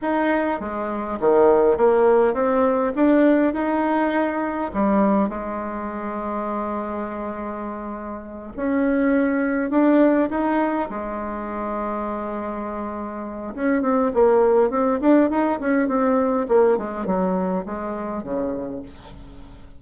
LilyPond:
\new Staff \with { instrumentName = "bassoon" } { \time 4/4 \tempo 4 = 102 dis'4 gis4 dis4 ais4 | c'4 d'4 dis'2 | g4 gis2.~ | gis2~ gis8 cis'4.~ |
cis'8 d'4 dis'4 gis4.~ | gis2. cis'8 c'8 | ais4 c'8 d'8 dis'8 cis'8 c'4 | ais8 gis8 fis4 gis4 cis4 | }